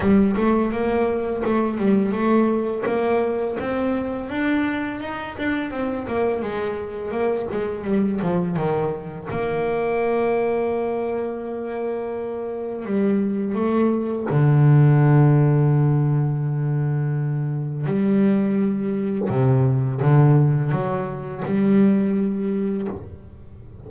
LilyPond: \new Staff \with { instrumentName = "double bass" } { \time 4/4 \tempo 4 = 84 g8 a8 ais4 a8 g8 a4 | ais4 c'4 d'4 dis'8 d'8 | c'8 ais8 gis4 ais8 gis8 g8 f8 | dis4 ais2.~ |
ais2 g4 a4 | d1~ | d4 g2 c4 | d4 fis4 g2 | }